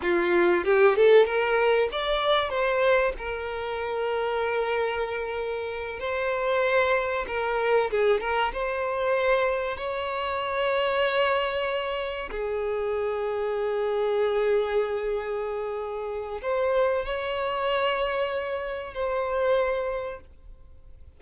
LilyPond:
\new Staff \with { instrumentName = "violin" } { \time 4/4 \tempo 4 = 95 f'4 g'8 a'8 ais'4 d''4 | c''4 ais'2.~ | ais'4. c''2 ais'8~ | ais'8 gis'8 ais'8 c''2 cis''8~ |
cis''2.~ cis''8 gis'8~ | gis'1~ | gis'2 c''4 cis''4~ | cis''2 c''2 | }